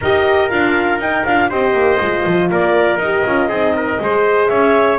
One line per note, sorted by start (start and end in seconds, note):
0.00 0.51 D#4
0.00 0.50 G4
0.00 1.49 A#4
0.00 0.49 D#5
0.49 0.98 D4
0.49 0.99 F4
0.49 0.99 F5
0.98 1.23 D#4
0.98 1.24 D#4
0.98 1.24 G5
1.24 1.50 D4
1.24 1.50 F4
1.24 1.49 F5
1.49 1.73 C4
1.49 2.00 G4
1.49 2.49 C5
1.49 2.50 D#5
1.73 1.98 A#3
2.00 2.25 G#3
2.00 3.02 F4
2.26 2.51 F3
2.50 2.98 A#3
2.50 3.48 A#4
2.50 2.99 D5
2.98 3.23 D#4
2.98 3.26 G4
2.98 4.47 D#5
3.25 3.48 C#4
3.25 3.51 F4
3.48 3.98 C4
3.48 4.01 D#4
3.48 3.73 G#4
3.76 4.01 A#4
4.00 4.50 G#3
4.00 4.98 G#4
4.00 4.50 C5
4.47 4.98 C#4
4.47 4.98 C#5
4.47 4.97 E5